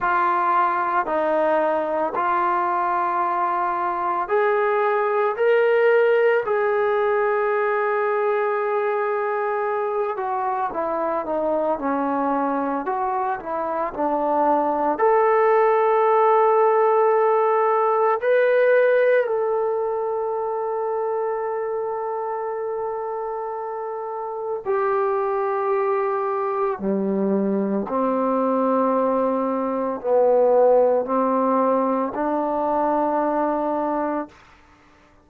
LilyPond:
\new Staff \with { instrumentName = "trombone" } { \time 4/4 \tempo 4 = 56 f'4 dis'4 f'2 | gis'4 ais'4 gis'2~ | gis'4. fis'8 e'8 dis'8 cis'4 | fis'8 e'8 d'4 a'2~ |
a'4 b'4 a'2~ | a'2. g'4~ | g'4 g4 c'2 | b4 c'4 d'2 | }